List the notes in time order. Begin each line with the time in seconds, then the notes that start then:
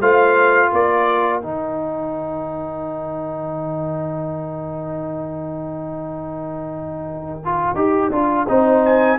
0.00 A3 F4 C5 F5
0.69 A#3 A#4 D5
1.40 D#3 D#4 G5
7.45 F4
7.76 D#4 G4
8.11 D4 F4
8.48 C4 D#4 C5
8.86 G#5